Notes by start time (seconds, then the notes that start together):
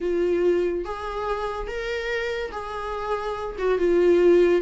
0.00 F4
0.84 G#4
1.67 A#4
2.51 G#4
3.58 F#4
3.78 F4